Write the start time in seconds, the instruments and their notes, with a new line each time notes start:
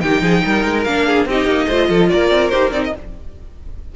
0.00 cello D#3, viola D#4, violin G4 G5
0.21 cello F3, violin G#4
0.45 cello G3, violin A#4
0.65 cello G#3
0.84 cello A#3, viola D4, violin F5
1.07 violin G#4
1.25 cello C4, viola D#4, violin G4 D#5
1.45 cello A#3
1.67 cello A3, viola F4, violin C5
1.89 cello F3, violin A4
2.09 cello A#3, violin A#4 D5
2.30 cello C4
2.49 cello D#4, viola G4, violin C5
2.71 cello C4, viola D#4, violin D5
2.84 violin D#5